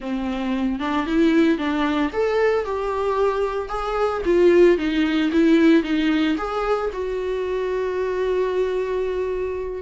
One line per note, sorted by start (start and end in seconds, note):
0.00 0.79 C4
0.79 1.06 D4
1.06 1.58 E4
1.58 2.11 D4
2.12 2.64 A4
2.64 3.69 G4
3.69 4.22 G#4
4.25 4.77 F4
4.77 5.30 D#4
5.31 5.83 E4
5.83 6.36 D#4
6.37 6.90 G#4
6.93 9.82 F#4